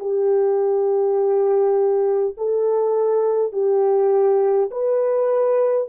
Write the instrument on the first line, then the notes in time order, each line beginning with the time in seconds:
horn
0.00 G4
2.37 A4
3.52 G4
4.71 B4